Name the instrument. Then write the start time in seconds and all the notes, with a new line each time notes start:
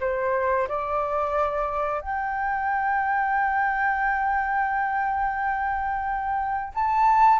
flute
0.00 C5
0.68 D5
2.00 G5
6.74 A5